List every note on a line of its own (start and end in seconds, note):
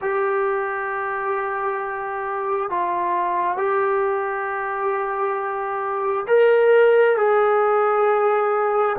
0.01 2.69 G4
2.69 3.57 F4
3.57 6.26 G4
6.27 7.16 A#4
7.17 8.96 G#4